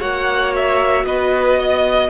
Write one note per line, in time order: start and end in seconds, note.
0.00 1.04 A#3
0.00 2.10 F#4
0.00 1.05 C#5
0.00 0.53 F#5
0.55 1.05 E5
1.04 2.09 B3
1.04 1.59 B4
1.04 2.10 D#5
1.59 2.10 D#5